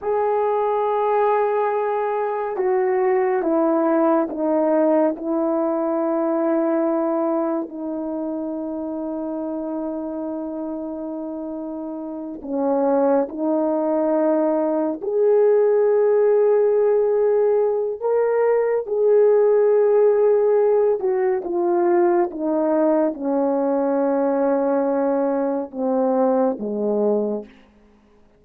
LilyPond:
\new Staff \with { instrumentName = "horn" } { \time 4/4 \tempo 4 = 70 gis'2. fis'4 | e'4 dis'4 e'2~ | e'4 dis'2.~ | dis'2~ dis'8 cis'4 dis'8~ |
dis'4. gis'2~ gis'8~ | gis'4 ais'4 gis'2~ | gis'8 fis'8 f'4 dis'4 cis'4~ | cis'2 c'4 gis4 | }